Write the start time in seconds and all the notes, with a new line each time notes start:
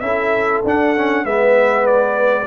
0.00 C#4 E4 A4 E5
0.64 D4 F#5
0.97 C#4
1.24 G#3 B3 B4 E5
1.86 D5